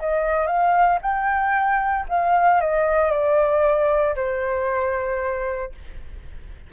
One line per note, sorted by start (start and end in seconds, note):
0.00 0.47 D#5
0.47 0.99 F5
1.02 2.07 G5
2.09 2.61 F5
2.61 3.12 D#5
3.12 4.16 D5
4.16 5.72 C5